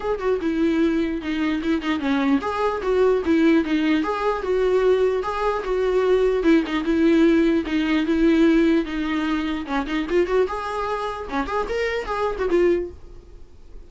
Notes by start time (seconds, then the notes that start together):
0.00 G#4
0.19 F#4
0.41 E4
1.21 D#4
1.63 E4
1.81 D#4
1.99 C#4
2.41 G#4
2.82 F#4
3.25 E4
3.64 D#4
4.03 G#4
4.42 F#4
5.22 G#4
5.64 F#4
6.43 E4
6.66 D#4
6.84 E4
7.65 D#4
8.06 E4
8.85 D#4
9.66 C#4
9.86 D#4
10.09 F4
10.26 F#4
10.47 G#4
11.29 C#4
11.46 G#4
11.68 A#4
12.05 G#4
12.38 F#4
12.50 F4